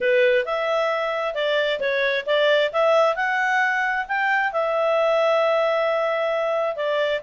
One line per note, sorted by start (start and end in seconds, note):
0.00 0.45 B4
0.45 1.34 E5
1.34 1.79 D5
1.80 2.25 C#5
2.26 2.71 D5
2.72 3.15 E5
3.15 4.06 F#5
4.07 4.52 G5
4.52 6.75 E5
6.75 7.21 D5